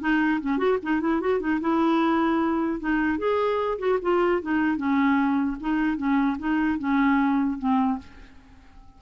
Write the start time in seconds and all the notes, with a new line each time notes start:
0.00 D#4
0.41 C#4
0.58 F#4
0.82 D#4
1.01 E4
1.21 F#4
1.40 D#4
1.61 E4
2.80 D#4
3.18 G#4
3.78 F#4
4.02 F4
4.41 D#4
4.77 C#4
5.60 D#4
5.97 C#4
6.38 D#4
6.78 C#4
7.58 C4